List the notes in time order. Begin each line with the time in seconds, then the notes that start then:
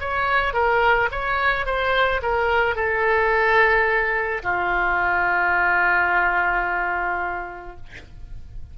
0.00 C#5
0.53 A#4
1.11 C#5
1.66 C5
2.22 A#4
2.75 A4
4.43 F4